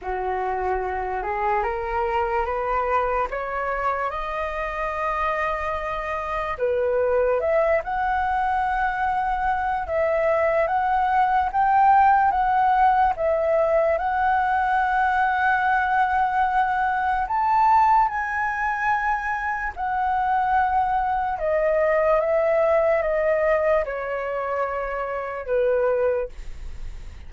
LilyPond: \new Staff \with { instrumentName = "flute" } { \time 4/4 \tempo 4 = 73 fis'4. gis'8 ais'4 b'4 | cis''4 dis''2. | b'4 e''8 fis''2~ fis''8 | e''4 fis''4 g''4 fis''4 |
e''4 fis''2.~ | fis''4 a''4 gis''2 | fis''2 dis''4 e''4 | dis''4 cis''2 b'4 | }